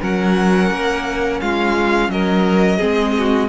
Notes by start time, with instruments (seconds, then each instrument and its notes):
0.00 cello F#3, viola C#4, violin A#4 F#5
0.71 cello A#3
1.41 cello G#3, violin F4 F5
2.09 cello F#3, violin A#4 D#5
2.77 cello G#3, viola C4, violin G#4
3.18 violin F#4